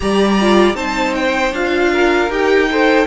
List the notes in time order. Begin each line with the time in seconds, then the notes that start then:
0.00 G3 G4 D5 A#5
0.40 F4
0.75 C4 D#4 C5 A5
1.14 G5
1.52 D4 F4 F5
1.92 A#4
2.29 D#4 G4 G5
2.70 A4 C5